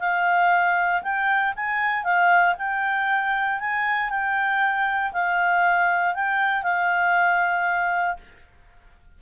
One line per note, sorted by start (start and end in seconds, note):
0.00 1.03 F5
1.03 1.54 G5
1.56 2.04 G#5
2.04 2.55 F5
2.58 3.60 G5
3.60 4.10 G#5
4.10 5.13 G5
5.13 6.15 F5
6.15 6.63 G5
6.63 8.17 F5